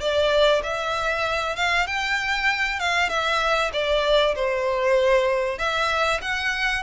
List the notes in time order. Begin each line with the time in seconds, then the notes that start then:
0.00 D5
0.63 E5
1.56 F5
1.87 G5
2.79 F5
3.09 E5
3.73 D5
4.35 C5
5.58 E5
6.21 F#5